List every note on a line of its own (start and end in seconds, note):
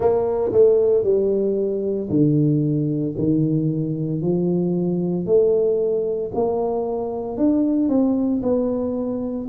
0.00 0.51 A#3
0.52 1.03 A3
1.03 2.08 G3
2.09 3.14 D3
3.18 4.21 D#3
4.21 5.26 F3
5.26 6.31 A3
6.34 7.37 A#3
7.37 7.89 D4
7.89 8.41 C4
8.42 9.47 B3